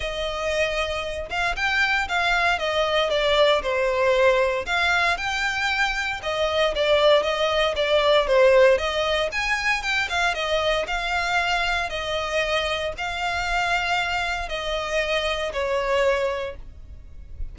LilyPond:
\new Staff \with { instrumentName = "violin" } { \time 4/4 \tempo 4 = 116 dis''2~ dis''8 f''8 g''4 | f''4 dis''4 d''4 c''4~ | c''4 f''4 g''2 | dis''4 d''4 dis''4 d''4 |
c''4 dis''4 gis''4 g''8 f''8 | dis''4 f''2 dis''4~ | dis''4 f''2. | dis''2 cis''2 | }